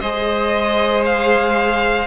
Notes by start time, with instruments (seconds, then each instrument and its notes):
0.00 cello G#3, viola G#4, violin C5 D#5
1.05 violin F5